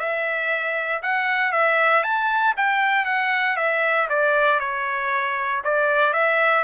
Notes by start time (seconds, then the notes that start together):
0.00 E5
1.03 F#5
1.53 E5
2.04 A5
2.58 G5
3.06 F#5
3.57 E5
4.10 D5
4.60 C#5
5.65 D5
6.14 E5